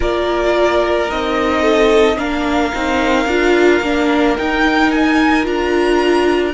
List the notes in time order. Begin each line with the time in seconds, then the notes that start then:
0.00 A#3 F4 A#4 D5
1.08 C4 D#4 D#5
1.62 A4
2.17 A#3 D4 A#4 F5
2.72 C4 D#4
3.26 D4 F4
3.81 A#3 D4
4.37 D#4 G5
4.91 G#5
5.43 D4 F4 A#5